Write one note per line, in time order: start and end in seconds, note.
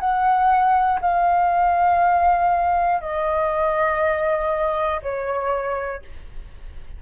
0.00 1.00 F#5
1.01 3.01 F5
3.01 5.01 D#5
5.02 6.02 C#5